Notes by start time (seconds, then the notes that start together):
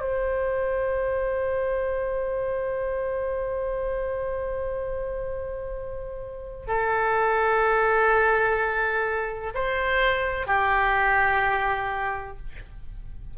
0.00 C5
6.67 A4
9.54 C5
10.47 G4